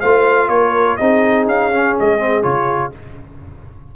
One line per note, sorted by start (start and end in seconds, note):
0.00 0.48 A3
0.00 0.99 F4
0.00 0.49 C5
0.00 0.48 F5
0.48 0.97 A#3
0.48 1.00 A#4
0.48 0.96 C#5
0.96 1.47 C4
0.96 1.72 D#4
0.96 2.96 G#4
0.96 1.45 D#5
1.47 1.95 C#4
1.47 1.97 F5
1.72 2.18 C#4
1.99 2.44 G#3
1.99 2.43 D#5
2.18 2.42 C4
2.42 2.93 C#3
2.42 2.91 F4
2.42 2.92 C#5